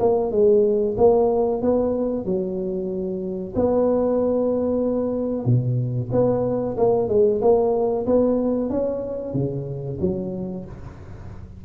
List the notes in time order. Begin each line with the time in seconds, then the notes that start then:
0.00 A#3
0.32 G#3
0.98 A#3
1.62 B3
2.25 F#3
3.56 B3
5.45 B2
6.12 B3
6.77 A#3
7.09 G#3
7.42 A#3
8.07 B3
8.70 C#4
9.34 C#3
10.01 F#3